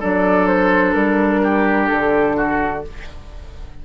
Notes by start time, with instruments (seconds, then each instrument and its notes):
0.00 bassoon F#3, clarinet D4, oboe A4, flute D5
0.47 flute C5
0.94 bassoon G3, flute A#4
1.43 oboe G4
1.87 bassoon D3, flute A4
2.37 oboe F#4